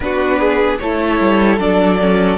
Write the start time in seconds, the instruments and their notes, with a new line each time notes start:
0.00 cello B3, viola D4, violin F#4 B4
0.39 violin G#4
0.79 cello A3, viola E4, violin A4 C#5
1.20 cello G3
1.58 cello F#3, viola D4, violin D5
2.00 viola C#4